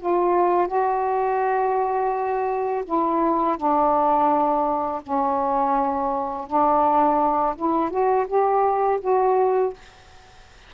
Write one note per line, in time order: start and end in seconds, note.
0.00 0.68 F4
0.68 2.85 F#4
2.85 3.58 E4
3.58 5.02 D4
5.03 6.47 C#4
6.47 7.56 D4
7.56 7.91 E4
7.91 8.27 F#4
8.28 9.00 G4
9.01 9.74 F#4